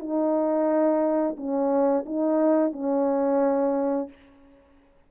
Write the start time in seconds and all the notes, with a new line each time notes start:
0.00 D#4
1.37 C#4
2.06 D#4
2.73 C#4